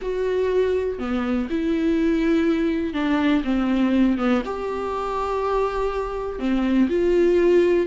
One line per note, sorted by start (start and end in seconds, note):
0.01 0.99 F#4
0.99 1.48 B3
1.50 2.93 E4
2.93 3.42 D4
3.44 4.17 C4
4.17 4.42 B3
4.45 6.39 G4
6.39 6.88 C4
6.89 7.86 F4